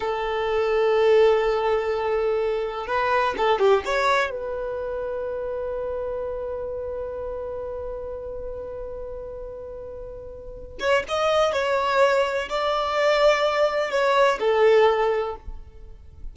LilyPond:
\new Staff \with { instrumentName = "violin" } { \time 4/4 \tempo 4 = 125 a'1~ | a'2 b'4 a'8 g'8 | cis''4 b'2.~ | b'1~ |
b'1~ | b'2~ b'8 cis''8 dis''4 | cis''2 d''2~ | d''4 cis''4 a'2 | }